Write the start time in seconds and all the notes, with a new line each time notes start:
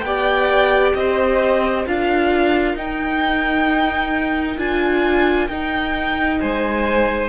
0.00 B3 G4 D5 G5
0.94 C4 C5 D#5
1.86 D4 F4 A#4 F5
2.74 D#4 G5
4.57 D4 F4 G#5
5.48 D#4 G5
6.40 G#3 C5 G#5